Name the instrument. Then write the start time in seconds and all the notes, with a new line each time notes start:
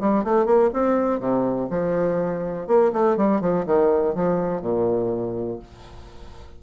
bassoon
0.00 G3
0.24 A3
0.45 A#3
0.73 C4
1.20 C3
1.70 F3
2.67 A#3
2.93 A3
3.17 G3
3.41 F3
3.66 D#3
4.15 F3
4.62 A#2